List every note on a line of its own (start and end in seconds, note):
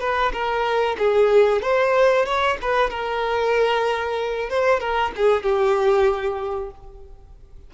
0.00 0.32 B4
0.33 0.97 A#4
0.98 1.62 G#4
1.62 2.26 C5
2.26 2.58 C#5
2.62 2.90 B4
2.90 4.50 A#4
4.50 4.80 C5
4.80 5.12 A#4
5.16 5.43 G#4
5.43 6.71 G4